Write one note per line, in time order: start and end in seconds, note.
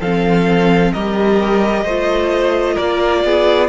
0.00 0.93 F3
0.00 0.95 C4
0.00 0.92 A4
0.00 0.93 F5
0.93 1.84 G3
0.93 1.88 G4
0.93 1.84 A#4
0.93 2.77 D#5
1.84 2.77 A3
1.84 3.69 F4
1.84 2.74 C5
2.74 3.24 A#3
2.74 3.20 A#4
2.74 3.69 D5
3.24 3.69 B3
3.24 3.69 G#4